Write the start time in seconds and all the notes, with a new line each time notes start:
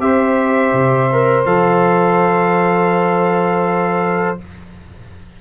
0.00 C4 G4 C5 E5
0.73 C3
1.12 A#4
1.45 F3 A4 F5